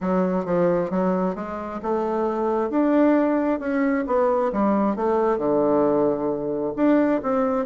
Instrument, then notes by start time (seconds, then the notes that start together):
bassoon
0.00 F#3
0.45 F3
0.90 F#3
1.35 G#3
1.82 A3
2.69 D4
3.59 C#4
4.06 B3
4.52 G3
4.96 A3
5.38 D3
6.75 D4
7.22 C4